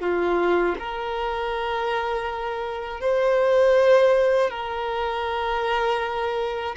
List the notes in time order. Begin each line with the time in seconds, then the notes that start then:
0.00 F4
0.79 A#4
3.00 C5
4.50 A#4